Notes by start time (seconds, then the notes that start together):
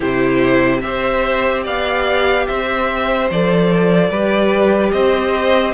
0.00 C3 E4 G4 C5
0.81 C4 G4 C5 E5
1.63 B3 D5 F5
2.47 C4 C5 E5
3.30 F3 A4 D5
4.09 G3 G4 B4
4.91 C4 C5 D#5